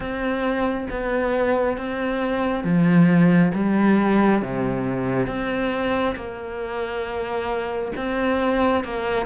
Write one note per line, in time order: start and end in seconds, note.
0.00 0.87 C4
0.90 1.77 B3
1.77 2.64 C4
2.64 3.52 F3
3.54 4.42 G3
4.42 5.27 C3
5.27 6.15 C4
6.15 7.92 A#3
7.96 8.84 C4
8.84 9.26 A#3